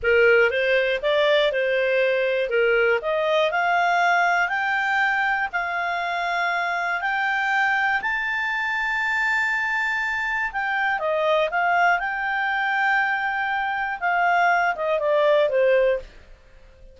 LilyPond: \new Staff \with { instrumentName = "clarinet" } { \time 4/4 \tempo 4 = 120 ais'4 c''4 d''4 c''4~ | c''4 ais'4 dis''4 f''4~ | f''4 g''2 f''4~ | f''2 g''2 |
a''1~ | a''4 g''4 dis''4 f''4 | g''1 | f''4. dis''8 d''4 c''4 | }